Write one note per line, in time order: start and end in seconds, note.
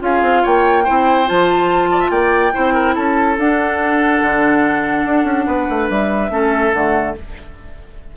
0.00 0.22 C#4
0.00 0.84 F4
0.00 0.43 G#4
0.00 0.45 F5
0.22 0.43 C4
0.43 0.88 A#3
0.43 0.85 C#5
0.43 1.29 G5
0.85 1.30 C4
0.85 1.26 E4
0.85 1.89 C5
1.26 2.10 F3
1.26 2.52 F4
1.26 2.11 A5
1.92 2.00 D5
2.00 2.10 E5
2.10 2.52 A#3
2.10 2.53 D5
2.10 2.95 G5
2.53 2.97 C4
2.53 3.37 E4
2.53 2.74 C5
2.74 2.95 A#4
2.95 3.38 C#4
2.95 5.47 A4
2.95 3.38 A5
3.38 4.22 D4
3.38 6.31 D4
3.38 5.90 F#5
4.23 5.06 D3
5.06 5.24 D4
5.24 5.45 C#4
5.47 5.68 B3
5.47 6.31 B4
5.70 5.90 A3
5.90 6.30 G3
5.90 6.74 E5
6.30 6.72 A3
6.30 6.73 C#4
6.30 7.17 A4
6.74 7.16 D3
6.74 7.16 A3
6.74 7.15 F#5